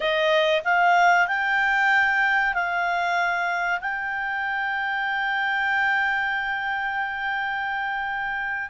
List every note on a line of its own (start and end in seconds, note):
0.00 0.61 D#5
0.64 1.27 F5
1.27 2.53 G5
2.53 3.80 F5
3.81 8.69 G5